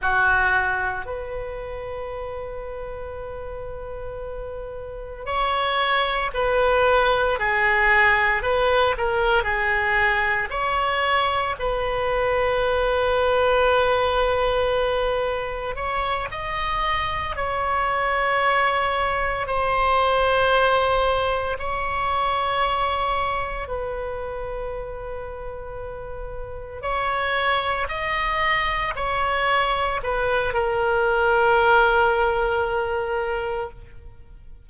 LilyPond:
\new Staff \with { instrumentName = "oboe" } { \time 4/4 \tempo 4 = 57 fis'4 b'2.~ | b'4 cis''4 b'4 gis'4 | b'8 ais'8 gis'4 cis''4 b'4~ | b'2. cis''8 dis''8~ |
dis''8 cis''2 c''4.~ | c''8 cis''2 b'4.~ | b'4. cis''4 dis''4 cis''8~ | cis''8 b'8 ais'2. | }